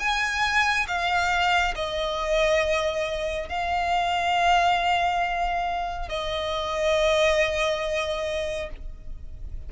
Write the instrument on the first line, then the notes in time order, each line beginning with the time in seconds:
violin
0.00 G#5
0.88 F5
1.76 D#5
3.49 F5
6.09 D#5